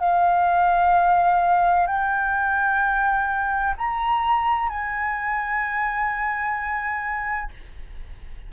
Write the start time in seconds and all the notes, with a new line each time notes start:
0.00 F5
1.87 G5
3.78 A#5
4.70 G#5